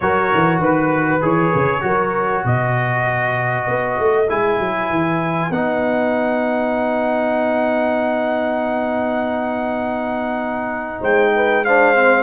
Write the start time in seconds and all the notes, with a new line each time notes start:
0.00 F#3 F#4 A#4 C#5
0.33 E3
0.59 D#3 B4
1.21 E3 G#4 C#5
1.55 C#3
1.81 F#3 F#4 A#4
2.44 B2 B4 D#5
3.67 B3
3.98 A3
4.29 G#3 E4 G#5
4.59 F#3
4.89 E3
5.49 B3 D#4 F#5
11.00 G#3 C5 G5
11.35 B4
11.64 D4 C5 F5
11.95 C4